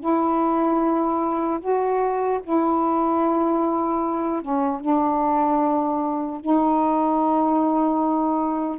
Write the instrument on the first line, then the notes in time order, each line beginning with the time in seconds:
saxophone
0.00 E4
1.61 F#4
2.44 E4
4.42 C#4
4.81 D4
6.41 D#4